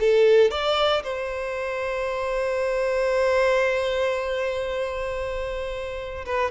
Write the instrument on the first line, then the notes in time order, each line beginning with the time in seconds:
violin
0.00 A4
0.51 D5
1.03 C5
6.26 B4